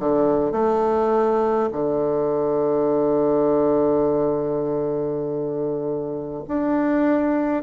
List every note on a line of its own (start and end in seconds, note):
0.00 0.52 D3
0.52 1.70 A3
1.73 6.43 D3
6.48 7.63 D4